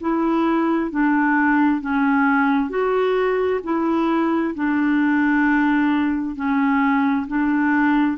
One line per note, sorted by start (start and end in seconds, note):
0.00 0.90 E4
0.90 1.80 D4
1.80 2.69 C#4
2.69 3.60 F#4
3.63 4.54 E4
4.55 6.35 D4
6.35 7.26 C#4
7.27 8.17 D4